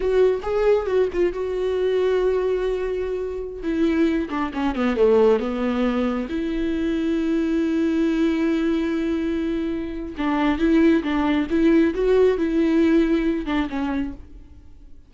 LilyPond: \new Staff \with { instrumentName = "viola" } { \time 4/4 \tempo 4 = 136 fis'4 gis'4 fis'8 f'8 fis'4~ | fis'1~ | fis'16 e'4. d'8 cis'8 b8 a8.~ | a16 b2 e'4.~ e'16~ |
e'1~ | e'2. d'4 | e'4 d'4 e'4 fis'4 | e'2~ e'8 d'8 cis'4 | }